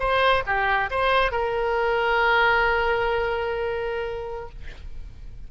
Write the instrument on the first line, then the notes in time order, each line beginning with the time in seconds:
oboe
0.00 C5
0.47 G4
0.91 C5
1.32 A#4